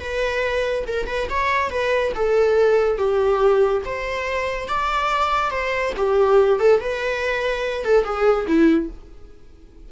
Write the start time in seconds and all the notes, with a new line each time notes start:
0.00 B4
0.87 A#4
1.07 B4
1.30 C#5
1.70 B4
2.15 A4
2.98 G4
3.85 C5
4.68 D5
5.51 C5
5.97 G4
6.60 A4
6.80 B4
7.85 A4
8.04 G#4
8.47 E4